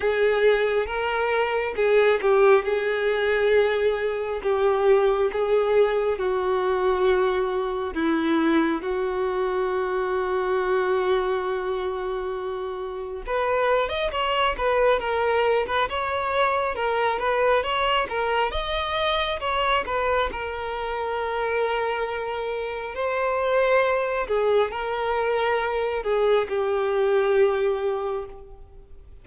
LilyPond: \new Staff \with { instrumentName = "violin" } { \time 4/4 \tempo 4 = 68 gis'4 ais'4 gis'8 g'8 gis'4~ | gis'4 g'4 gis'4 fis'4~ | fis'4 e'4 fis'2~ | fis'2. b'8. dis''16 |
cis''8 b'8 ais'8. b'16 cis''4 ais'8 b'8 | cis''8 ais'8 dis''4 cis''8 b'8 ais'4~ | ais'2 c''4. gis'8 | ais'4. gis'8 g'2 | }